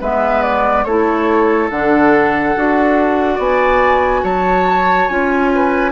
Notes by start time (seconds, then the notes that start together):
0.00 G#3 B3 B4 E5
0.42 D5
0.84 A3 E4 A4 C#5
1.70 D3 D4 F#5
2.56 D4 F#4
3.35 B3 D5 G#5
4.23 F#3 C#5 A5
5.08 C#4 F4 G#5
5.54 B4